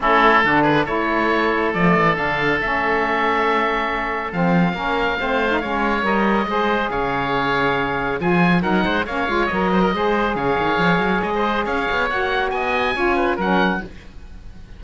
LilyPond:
<<
  \new Staff \with { instrumentName = "oboe" } { \time 4/4 \tempo 4 = 139 a'4. b'8 cis''2 | d''4 f''4 e''2~ | e''2 f''2~ | f''2 dis''2 |
f''2. gis''4 | fis''4 f''4 dis''2 | f''2 dis''4 f''4 | fis''4 gis''2 fis''4 | }
  \new Staff \with { instrumentName = "oboe" } { \time 4/4 e'4 fis'8 gis'8 a'2~ | a'1~ | a'2. ais'4 | c''4 cis''2 c''4 |
cis''2. gis'4 | ais'8 c''8 cis''4. c''16 ais'16 c''4 | cis''2~ cis''16 c''8. cis''4~ | cis''4 dis''4 cis''8 b'8 ais'4 | }
  \new Staff \with { instrumentName = "saxophone" } { \time 4/4 cis'4 d'4 e'2 | a4 d'4 cis'2~ | cis'2 c'4 cis'4 | c'8. dis'16 cis'4 ais'4 gis'4~ |
gis'2. f'4 | dis'4 cis'8 f'8 ais'4 gis'4~ | gis'1 | fis'2 f'4 cis'4 | }
  \new Staff \with { instrumentName = "cello" } { \time 4/4 a4 d4 a2 | f8 e8 d4 a2~ | a2 f4 ais4 | a4 gis4 g4 gis4 |
cis2. f4 | fis8 gis8 ais8 gis8 fis4 gis4 | cis8 dis8 f8 fis8 gis4 cis'8 b8 | ais4 b4 cis'4 fis4 | }
>>